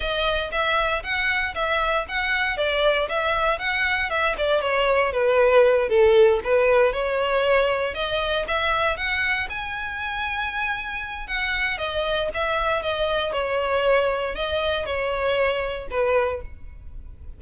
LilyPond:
\new Staff \with { instrumentName = "violin" } { \time 4/4 \tempo 4 = 117 dis''4 e''4 fis''4 e''4 | fis''4 d''4 e''4 fis''4 | e''8 d''8 cis''4 b'4. a'8~ | a'8 b'4 cis''2 dis''8~ |
dis''8 e''4 fis''4 gis''4.~ | gis''2 fis''4 dis''4 | e''4 dis''4 cis''2 | dis''4 cis''2 b'4 | }